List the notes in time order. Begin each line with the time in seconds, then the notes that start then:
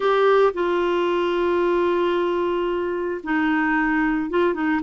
0.00 G4
0.53 F4
3.23 D#4
4.30 F4
4.54 D#4